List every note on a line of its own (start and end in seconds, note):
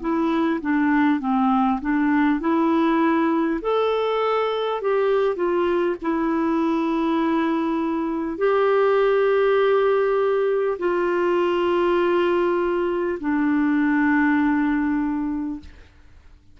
0.00 0.60 E4
0.61 1.19 D4
1.19 1.79 C4
1.81 2.40 D4
2.40 3.60 E4
3.62 4.82 A4
4.82 5.36 G4
5.36 5.96 F4
6.02 8.38 E4
8.38 10.78 G4
10.78 13.18 F4
13.20 15.60 D4